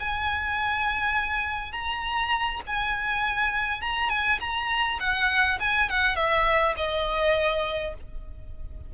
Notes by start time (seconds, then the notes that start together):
0.00 G#5
1.72 A#5
2.67 G#5
3.82 A#5
4.10 G#5
4.40 A#5
5.00 F#5
5.60 G#5
5.90 F#5
6.16 E5
6.77 D#5